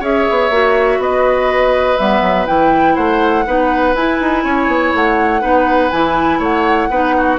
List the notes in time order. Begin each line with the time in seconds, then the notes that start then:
0.00 C#4 G#4 C#5 E5
0.30 B3
0.50 A#3 F#4
0.98 B3 B4 D#5
1.97 G3 B3 E5
2.22 F#3
2.46 E3 E4 G5
2.95 A3 C5 F#5
3.46 B3 D#4 B4
3.94 E4 G#5
4.20 D#4
4.44 C#4 C#5
4.67 B3
4.94 A3 F#5
5.41 B3 D#4 B4
5.90 E3 E4 G#5
6.39 A3 C#5 F#5
6.90 B3 D#4 B4
7.17 F#4